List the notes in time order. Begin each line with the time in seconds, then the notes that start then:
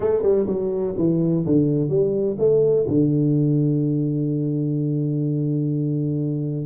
0.00 A3
0.22 G3
0.47 F#3
0.97 E3
1.45 D3
1.89 G3
2.39 A3
2.87 D3